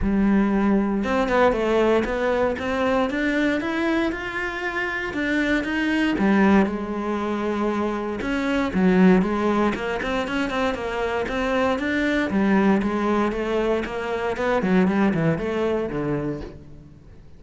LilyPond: \new Staff \with { instrumentName = "cello" } { \time 4/4 \tempo 4 = 117 g2 c'8 b8 a4 | b4 c'4 d'4 e'4 | f'2 d'4 dis'4 | g4 gis2. |
cis'4 fis4 gis4 ais8 c'8 | cis'8 c'8 ais4 c'4 d'4 | g4 gis4 a4 ais4 | b8 fis8 g8 e8 a4 d4 | }